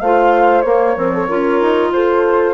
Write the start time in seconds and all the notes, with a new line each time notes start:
0.00 A3 F4 C5 F5
0.62 A#3 C#5
0.97 F3 C4 A#4
1.14 A4
1.27 C#4 F4 A#4
1.62 D#4
1.92 F4 A4 C5